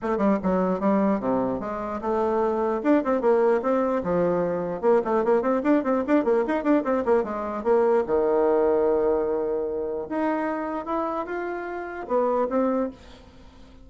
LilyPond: \new Staff \with { instrumentName = "bassoon" } { \time 4/4 \tempo 4 = 149 a8 g8 fis4 g4 c4 | gis4 a2 d'8 c'8 | ais4 c'4 f2 | ais8 a8 ais8 c'8 d'8 c'8 d'8 ais8 |
dis'8 d'8 c'8 ais8 gis4 ais4 | dis1~ | dis4 dis'2 e'4 | f'2 b4 c'4 | }